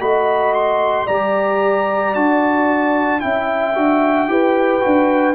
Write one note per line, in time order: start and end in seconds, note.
0.00 1.07 A3
0.00 1.08 F#4
0.00 1.06 D#5
0.00 0.54 B5
0.54 1.08 C6
1.06 2.15 G3
1.06 2.15 G4
1.06 3.21 D5
1.06 2.15 A#5
2.15 3.22 D4
2.15 3.20 F#4
2.15 3.20 A5
3.20 3.77 C#4
3.20 3.74 E4
3.20 4.31 E5
3.20 5.35 G5
3.75 4.28 D4
3.75 4.28 F#4
4.28 4.81 E4
4.28 4.81 G4
4.28 5.35 B4
4.81 5.35 D4
4.81 5.34 F#4